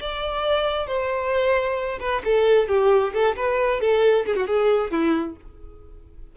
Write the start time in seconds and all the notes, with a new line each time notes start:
0.00 D5
0.87 C5
2.00 B4
2.25 A4
2.68 G4
3.13 A4
3.36 B4
3.80 A4
4.25 G#4
4.36 F#4
4.47 G#4
4.91 E4